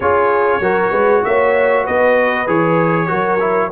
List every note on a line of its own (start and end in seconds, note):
0.00 0.60 C#4
0.00 0.62 F4
0.00 0.61 G#4
0.00 1.24 C#5
0.60 0.91 F#3
0.60 2.46 F#4
0.60 0.90 A#4
0.90 1.22 G#3
0.90 1.21 B4
1.24 1.87 A#3
1.24 1.84 C#5
1.24 1.85 E5
1.84 2.47 B3
1.84 3.07 B4
1.84 2.48 D#5
2.46 3.09 E3
2.46 3.07 G#4
2.46 3.72 C#5
3.07 3.72 F#3
3.07 3.38 F#4
3.07 3.70 A#4
3.40 3.71 E4